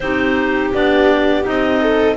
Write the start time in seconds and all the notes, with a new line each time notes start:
0.00 C4 D#4 G4 C5
0.73 B3 D4 D5
1.43 C4 D#4 D#5
1.80 A4